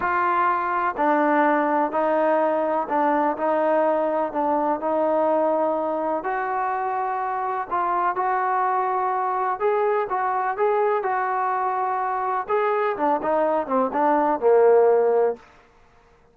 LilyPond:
\new Staff \with { instrumentName = "trombone" } { \time 4/4 \tempo 4 = 125 f'2 d'2 | dis'2 d'4 dis'4~ | dis'4 d'4 dis'2~ | dis'4 fis'2. |
f'4 fis'2. | gis'4 fis'4 gis'4 fis'4~ | fis'2 gis'4 d'8 dis'8~ | dis'8 c'8 d'4 ais2 | }